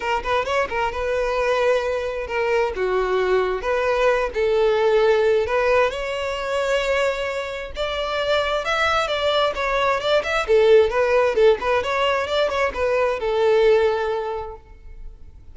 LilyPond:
\new Staff \with { instrumentName = "violin" } { \time 4/4 \tempo 4 = 132 ais'8 b'8 cis''8 ais'8 b'2~ | b'4 ais'4 fis'2 | b'4. a'2~ a'8 | b'4 cis''2.~ |
cis''4 d''2 e''4 | d''4 cis''4 d''8 e''8 a'4 | b'4 a'8 b'8 cis''4 d''8 cis''8 | b'4 a'2. | }